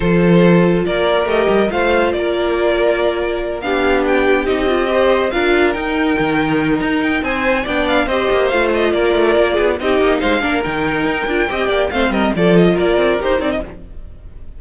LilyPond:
<<
  \new Staff \with { instrumentName = "violin" } { \time 4/4 \tempo 4 = 141 c''2 d''4 dis''4 | f''4 d''2.~ | d''8 f''4 g''4 dis''4.~ | dis''8 f''4 g''2~ g''8 |
ais''8 g''8 gis''4 g''8 f''8 dis''4 | f''8 dis''8 d''2 dis''4 | f''4 g''2. | f''8 dis''8 d''8 dis''8 d''4 c''8 d''16 dis''16 | }
  \new Staff \with { instrumentName = "violin" } { \time 4/4 a'2 ais'2 | c''4 ais'2.~ | ais'8 g'2. c''8~ | c''8 ais'2.~ ais'8~ |
ais'4 c''4 d''4 c''4~ | c''4 ais'4. gis'8 g'4 | c''8 ais'2~ ais'8 dis''8 d''8 | c''8 ais'8 a'4 ais'2 | }
  \new Staff \with { instrumentName = "viola" } { \time 4/4 f'2. g'4 | f'1~ | f'8 d'2 dis'8 f'8 g'8~ | g'8 f'4 dis'2~ dis'8~ |
dis'2 d'4 g'4 | f'2. dis'4~ | dis'8 d'8 dis'4. f'8 g'4 | c'4 f'2 g'8 dis'8 | }
  \new Staff \with { instrumentName = "cello" } { \time 4/4 f2 ais4 a8 g8 | a4 ais2.~ | ais8 b2 c'4.~ | c'8 d'4 dis'4 dis4. |
dis'4 c'4 b4 c'8 ais8 | a4 ais8 a8 ais8 b8 c'8 ais8 | gis8 ais8 dis4 dis'8 d'8 c'8 ais8 | a8 g8 f4 ais8 c'8 dis'8 c'8 | }
>>